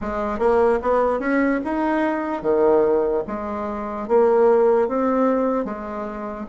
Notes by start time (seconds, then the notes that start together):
0.01 G#3
0.38 A#3
0.81 B3
1.19 C#4
1.64 D#4
2.42 D#3
3.27 G#3
4.08 A#3
4.88 C4
5.64 G#3